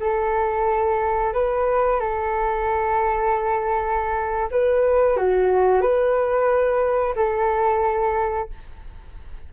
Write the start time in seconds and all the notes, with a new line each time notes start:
0.00 A4
1.34 B4
2.00 A4
4.51 B4
5.17 F#4
5.82 B4
7.16 A4